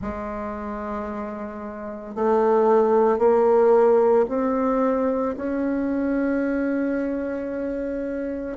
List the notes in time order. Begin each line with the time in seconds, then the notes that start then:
0.01 G#3
2.15 A3
3.18 A#3
4.28 C4
5.36 C#4